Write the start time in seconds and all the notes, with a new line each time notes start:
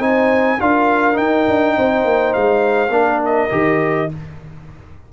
0.00 C4 D#4 C5 G#5
0.61 D4 F4 A#4 F5
1.14 D#4 G5
1.48 D4
1.77 C4 C5
2.05 A#3
2.34 G#3 F5
2.90 A#3 D4 A#4
3.26 D#5
3.51 D#3 G4